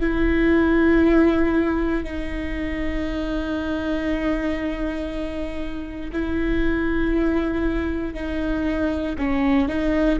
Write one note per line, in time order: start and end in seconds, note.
0.00 2.03 E4
2.04 6.11 D#4
6.12 8.14 E4
8.14 9.15 D#4
9.18 9.68 C#4
9.68 10.19 D#4